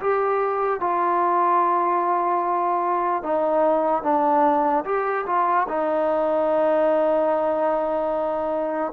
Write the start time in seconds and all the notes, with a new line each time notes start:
0.00 G4
0.80 F4
3.23 D#4
4.02 D4
4.85 G4
5.26 F4
5.68 D#4